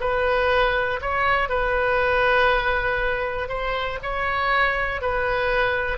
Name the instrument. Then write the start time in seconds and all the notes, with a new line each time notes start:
oboe
0.00 B4
1.01 C#5
1.49 B4
3.49 C5
4.02 C#5
5.01 B4